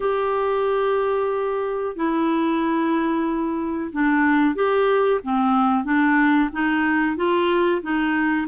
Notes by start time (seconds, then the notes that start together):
0.00 G4
1.96 E4
3.92 D4
4.55 G4
5.24 C4
5.84 D4
6.52 D#4
7.16 F4
7.82 D#4